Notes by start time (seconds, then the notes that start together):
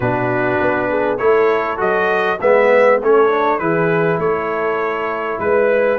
0.00 B2 D4 F#4 B4
0.60 B3
0.89 G#4
1.17 A3 E4 A4 C#5
1.77 F#3 F#4 D#5
2.40 G#3 B3 B4 E5
3.00 A3 C#4 A4 C#5
3.30 D4
3.58 E3 E4 G#4 B4
4.18 A3 A4 C#5
5.39 G#3 B4